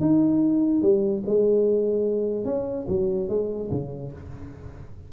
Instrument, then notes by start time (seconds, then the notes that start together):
tuba
0.00 D#4
0.82 G3
1.26 G#3
2.45 C#4
2.87 F#3
3.29 G#3
3.71 C#3